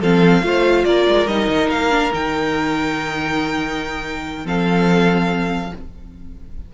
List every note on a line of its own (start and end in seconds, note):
0.00 0.42 F3
0.00 0.42 C4
0.00 0.42 A4
0.00 0.84 F5
0.42 0.84 A3
0.42 1.27 F4
0.42 0.86 C5
0.84 1.06 A#3
0.84 4.44 A#4
0.84 1.27 D5
1.07 1.26 G#3
1.26 1.47 G3
1.26 1.90 D#4
1.26 1.69 D#5
1.48 1.69 D#3
1.69 2.12 A#3
1.69 2.12 F5
1.90 2.11 D4
2.12 4.44 D#3
2.12 4.44 D#4
2.12 4.46 G5
4.44 5.71 F3
4.44 5.71 C4
4.44 5.71 A4
4.44 5.74 F5